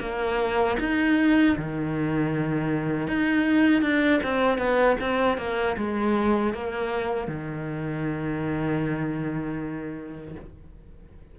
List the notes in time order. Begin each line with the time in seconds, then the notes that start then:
0.00 A#3
0.79 D#4
1.57 D#3
3.07 D#4
3.82 D4
4.23 C4
4.58 B3
5.00 C4
5.38 A#3
5.77 G#3
6.53 A#3
7.28 D#3